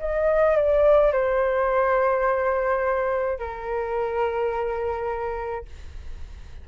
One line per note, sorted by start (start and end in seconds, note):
0.00 0.57 D#5
0.57 1.13 D5
1.13 3.39 C5
3.39 5.66 A#4